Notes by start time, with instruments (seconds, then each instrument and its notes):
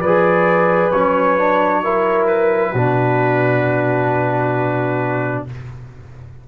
0.00 tuba F3, trombone G#4, horn B4, trumpet D5
0.91 tuba F#3, trombone C#4, trumpet C#5
1.38 trombone D4
1.84 trombone E4, horn A#4
2.27 trumpet B4
2.73 tuba B2, trombone D4, horn F#4